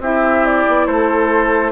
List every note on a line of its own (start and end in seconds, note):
0.00 0.64 C4
0.00 1.72 E4
0.00 0.87 G4
0.00 0.46 E5
0.46 0.87 D5
0.68 0.88 B3
0.87 1.72 A3
0.87 1.72 A4
0.87 1.72 C5